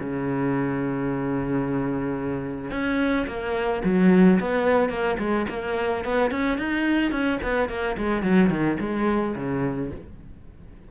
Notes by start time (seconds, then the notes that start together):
0.00 C#3
2.71 C#4
3.27 A#3
3.84 F#3
4.40 B3
4.89 A#3
5.19 G#3
5.49 A#3
6.05 B3
6.31 C#4
6.58 D#4
7.12 C#4
7.42 B3
7.69 A#3
7.97 G#3
8.22 F#3
8.50 D#3
8.80 G#3
9.36 C#3